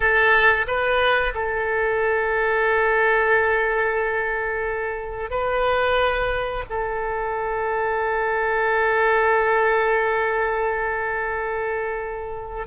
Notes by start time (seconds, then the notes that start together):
0.00 A4
0.67 B4
1.34 A4
5.30 B4
6.69 A4